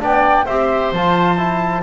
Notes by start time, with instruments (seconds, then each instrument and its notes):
0.00 double bass B3, trombone D4, oboe D5, flute G5
0.46 double bass C4, trombone G4, oboe C5, flute E5
0.92 double bass F3, trombone F4, flute A5
1.38 trombone E4